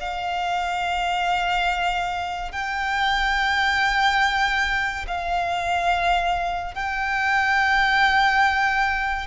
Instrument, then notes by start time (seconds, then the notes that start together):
violin
0.00 F5
2.52 G5
5.07 F5
6.74 G5